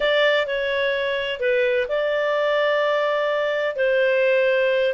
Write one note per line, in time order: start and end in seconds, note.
0.00 0.46 D5
0.46 1.39 C#5
1.39 1.87 B4
1.88 3.76 D5
3.76 4.94 C5